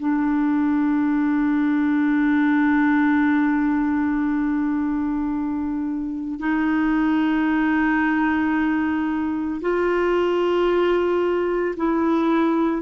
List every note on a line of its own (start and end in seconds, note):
0.00 6.39 D4
6.39 9.61 D#4
9.61 11.76 F4
11.77 12.82 E4